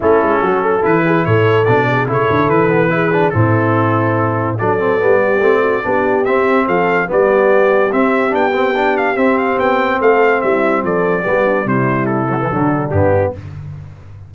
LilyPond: <<
  \new Staff \with { instrumentName = "trumpet" } { \time 4/4 \tempo 4 = 144 a'2 b'4 cis''4 | d''4 cis''4 b'2 | a'2. d''4~ | d''2. e''4 |
f''4 d''2 e''4 | g''4. f''8 e''8 f''8 g''4 | f''4 e''4 d''2 | c''4 a'2 g'4 | }
  \new Staff \with { instrumentName = "horn" } { \time 4/4 e'4 fis'8 a'4 gis'8 a'4~ | a'8 gis'8 a'2 gis'4 | e'2. a'4~ | a'8 g'4 fis'8 g'2 |
a'4 g'2.~ | g'1 | a'4 e'4 a'4 g'8 d'8 | e'2 d'2 | }
  \new Staff \with { instrumentName = "trombone" } { \time 4/4 cis'2 e'2 | d'4 e'4. b8 e'8 d'8 | c'2. d'8 c'8 | b4 c'4 d'4 c'4~ |
c'4 b2 c'4 | d'8 c'8 d'4 c'2~ | c'2. b4 | g4. fis16 e16 fis4 b4 | }
  \new Staff \with { instrumentName = "tuba" } { \time 4/4 a8 gis8 fis4 e4 a,4 | b,4 cis8 d8 e2 | a,2. fis4 | g4 a4 b4 c'4 |
f4 g2 c'4 | b2 c'4 b4 | a4 g4 f4 g4 | c2 d4 g,4 | }
>>